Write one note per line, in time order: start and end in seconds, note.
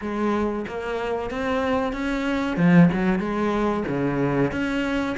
0.01 0.65 G#3
0.67 1.30 A#3
1.30 1.92 C4
1.92 2.57 C#4
2.57 2.89 F3
2.92 3.19 F#3
3.19 3.83 G#3
3.87 4.51 C#3
4.51 5.16 C#4